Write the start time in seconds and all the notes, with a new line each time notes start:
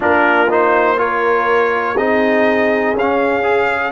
0.00 A#3 D4 F4 A#4
0.50 D#4 C5
0.97 F4 A#4 C#5
1.95 C4 D#4 G#4 D#5
2.93 C#4 F5
2.99 C#4
3.43 G#4